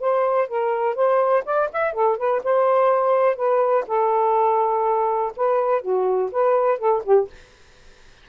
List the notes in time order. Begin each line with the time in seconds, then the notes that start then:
0.00 C5
0.48 A#4
0.95 C5
1.45 D5
1.73 E5
1.93 A4
2.17 B4
2.43 C5
3.36 B4
3.87 A4
5.36 B4
5.81 F#4
6.31 B4
6.78 A4
7.04 G4